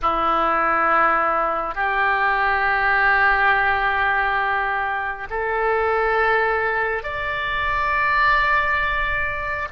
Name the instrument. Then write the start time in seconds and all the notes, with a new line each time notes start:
oboe
0.02 E4
1.74 G4
5.29 A4
7.03 D5